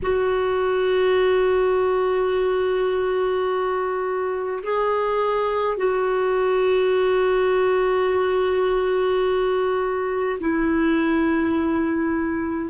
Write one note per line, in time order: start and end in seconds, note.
0.02 4.63 F#4
4.63 5.77 G#4
5.77 10.38 F#4
10.40 12.69 E4